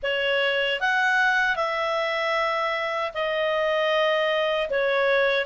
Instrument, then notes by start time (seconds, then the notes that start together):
clarinet
0.02 C#5
0.80 F#5
1.56 E5
3.13 D#5
4.70 C#5